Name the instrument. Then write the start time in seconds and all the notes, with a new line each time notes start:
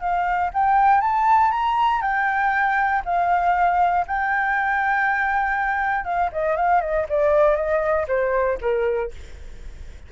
flute
0.00 F5
0.53 G5
1.01 A5
1.51 A#5
2.01 G5
3.05 F5
4.07 G5
6.05 F5
6.32 D#5
6.56 F5
6.81 D#5
7.09 D5
7.56 D#5
8.08 C5
8.61 A#4